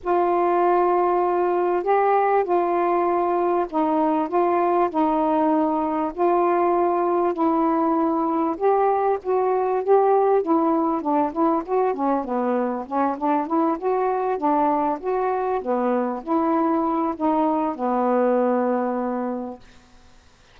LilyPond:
\new Staff \with { instrumentName = "saxophone" } { \time 4/4 \tempo 4 = 98 f'2. g'4 | f'2 dis'4 f'4 | dis'2 f'2 | e'2 g'4 fis'4 |
g'4 e'4 d'8 e'8 fis'8 cis'8 | b4 cis'8 d'8 e'8 fis'4 d'8~ | d'8 fis'4 b4 e'4. | dis'4 b2. | }